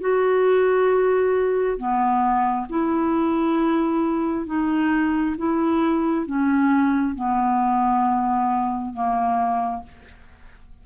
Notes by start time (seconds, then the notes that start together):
0.00 F#4
1.77 B3
2.69 E4
4.46 D#4
5.37 E4
6.26 C#4
7.15 B3
8.93 A#3